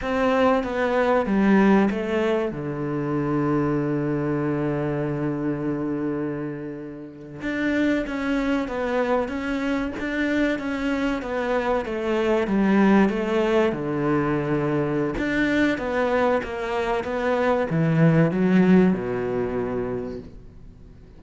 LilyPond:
\new Staff \with { instrumentName = "cello" } { \time 4/4 \tempo 4 = 95 c'4 b4 g4 a4 | d1~ | d2.~ d8. d'16~ | d'8. cis'4 b4 cis'4 d'16~ |
d'8. cis'4 b4 a4 g16~ | g8. a4 d2~ d16 | d'4 b4 ais4 b4 | e4 fis4 b,2 | }